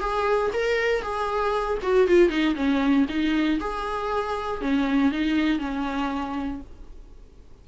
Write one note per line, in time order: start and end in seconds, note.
0.00 0.51 G#4
0.53 1.02 A#4
1.02 1.78 G#4
1.83 2.08 F#4
2.08 2.30 F4
2.30 2.55 D#4
2.55 3.06 C#4
3.09 3.60 D#4
3.60 4.61 G#4
4.61 5.12 C#4
5.12 5.59 D#4
5.59 6.61 C#4